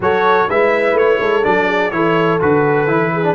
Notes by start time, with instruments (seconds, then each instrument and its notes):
0.00 tuba F#3, trombone F#4, horn A4, trumpet C#5
0.49 tuba G#3, trombone E4, horn B4, trumpet E5
0.93 tuba A3, trumpet C#5
1.19 tuba G#3, horn A4
1.43 tuba F#3, trombone D4, trumpet D5
1.67 horn G#4
1.90 tuba E3, trombone E4, horn A4, trumpet C#5
2.39 tuba D3, trombone F#4, trumpet B4
2.87 tuba E3, trombone E4
3.13 horn G#4
3.23 trombone D4